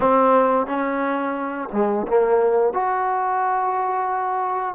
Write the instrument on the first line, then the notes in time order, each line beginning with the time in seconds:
trombone
0.00 C4
0.66 C#4
1.72 G#3
2.07 A#3
2.73 F#4